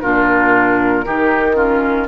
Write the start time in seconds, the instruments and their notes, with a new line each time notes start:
0.00 bassoon A#2, clarinet D4, oboe F4, flute A#4
1.04 bassoon D#3, clarinet D#4, oboe G4
1.55 clarinet C#4, oboe F4